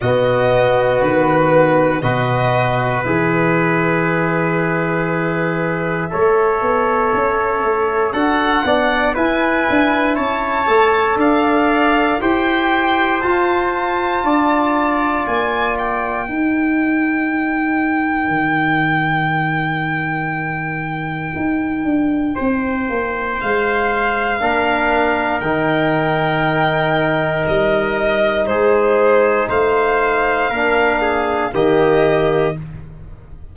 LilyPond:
<<
  \new Staff \with { instrumentName = "violin" } { \time 4/4 \tempo 4 = 59 dis''4 b'4 dis''4 e''4~ | e''1 | fis''4 gis''4 a''4 f''4 | g''4 a''2 gis''8 g''8~ |
g''1~ | g''2. f''4~ | f''4 g''2 dis''4 | c''4 f''2 dis''4 | }
  \new Staff \with { instrumentName = "trumpet" } { \time 4/4 fis'2 b'2~ | b'2 cis''2 | a'8 d''8 b'4 cis''4 d''4 | c''2 d''2 |
ais'1~ | ais'2 c''2 | ais'1 | gis'4 c''4 ais'8 gis'8 g'4 | }
  \new Staff \with { instrumentName = "trombone" } { \time 4/4 b2 fis'4 gis'4~ | gis'2 a'2 | fis'8 d'8 e'4. a'4. | g'4 f'2. |
dis'1~ | dis'1 | d'4 dis'2.~ | dis'2 d'4 ais4 | }
  \new Staff \with { instrumentName = "tuba" } { \time 4/4 b,4 dis4 b,4 e4~ | e2 a8 b8 cis'8 a8 | d'8 b8 e'8 d'8 cis'8 a8 d'4 | e'4 f'4 d'4 ais4 |
dis'2 dis2~ | dis4 dis'8 d'8 c'8 ais8 gis4 | ais4 dis2 g4 | gis4 a4 ais4 dis4 | }
>>